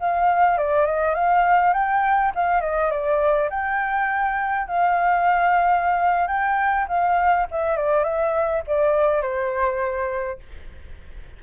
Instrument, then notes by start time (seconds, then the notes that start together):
flute
0.00 F5
0.58 D5
0.86 D#5
1.15 F5
1.74 G5
2.35 F5
2.61 D#5
2.91 D5
3.50 G5
4.67 F5
6.28 G5
6.88 F5
7.51 E5
7.76 D5
8.04 E5
8.67 D5
9.22 C5